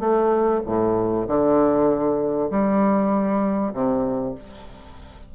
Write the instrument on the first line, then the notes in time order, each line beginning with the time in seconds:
bassoon
0.00 A3
0.66 A2
1.28 D3
2.51 G3
3.73 C3